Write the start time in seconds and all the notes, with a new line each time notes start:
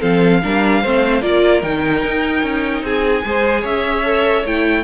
0.00 F3 C4 A4 F5
0.43 G3 D4 A#4
0.81 A3 C4 C5
1.21 A#3 F4 A#4 D5
1.62 D#3 D#4 G5
2.03 D#4
2.42 C#4
2.82 C4 G#4 G#5
3.24 G#3 G#4 C5
3.61 C#4 C#5 E5
4.04 A4
4.44 A3 E4 G5